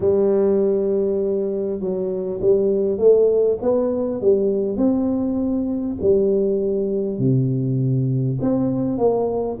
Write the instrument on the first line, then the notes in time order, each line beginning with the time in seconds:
tuba
0.00 G3
1.79 F#3
2.41 G3
2.98 A3
3.61 B3
4.21 G3
4.77 C4
6.01 G3
7.18 C3
8.41 C4
8.98 A#3